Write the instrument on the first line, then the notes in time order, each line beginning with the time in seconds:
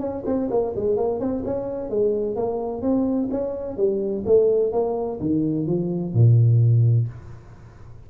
tuba
0.00 C#4
0.26 C4
0.51 A#3
0.76 G#3
0.97 A#3
1.20 C4
1.45 C#4
1.90 G#3
2.36 A#3
2.82 C4
3.31 C#4
3.77 G3
4.26 A3
4.72 A#3
5.20 D#3
5.67 F3
6.14 A#2